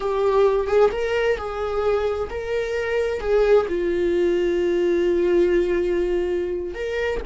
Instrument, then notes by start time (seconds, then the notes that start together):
viola
0.00 G4
0.67 G#4
0.91 A#4
1.37 G#4
2.30 A#4
3.20 G#4
3.68 F4
6.74 A#4